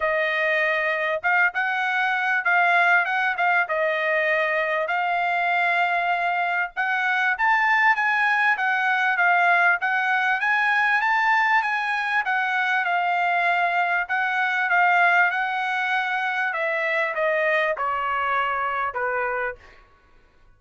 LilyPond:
\new Staff \with { instrumentName = "trumpet" } { \time 4/4 \tempo 4 = 98 dis''2 f''8 fis''4. | f''4 fis''8 f''8 dis''2 | f''2. fis''4 | a''4 gis''4 fis''4 f''4 |
fis''4 gis''4 a''4 gis''4 | fis''4 f''2 fis''4 | f''4 fis''2 e''4 | dis''4 cis''2 b'4 | }